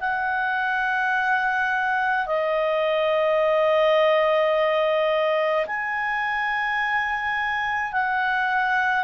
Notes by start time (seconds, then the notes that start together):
0.00 F#5
2.26 D#5
5.66 G#5
7.92 F#5